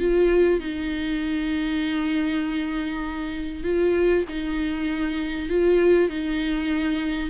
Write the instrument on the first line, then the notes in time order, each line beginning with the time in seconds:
viola
0.00 F4
0.60 D#4
3.64 F4
4.29 D#4
5.49 F4
6.09 D#4